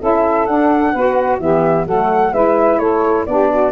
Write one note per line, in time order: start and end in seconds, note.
0.00 0.48 C#4
0.00 0.47 E4
0.00 0.92 A4
0.00 0.46 E5
0.46 0.94 D4
0.46 1.39 F#5
0.92 1.39 B3
0.92 1.41 F#4
0.92 1.39 B4
1.39 1.86 E3
1.39 1.88 B3
1.39 1.86 G4
1.39 1.86 E5
1.86 2.32 F#3
1.86 2.34 A3
1.86 2.32 A4
1.86 2.33 F#5
2.32 2.79 G#3
2.32 3.27 E4
2.32 2.79 B4
2.32 2.78 E5
2.78 3.25 A3
2.78 3.26 A4
2.78 3.25 C#5
3.25 3.72 B3
3.25 3.72 D4
3.25 3.50 G4
3.25 3.72 D5
3.50 3.72 F#4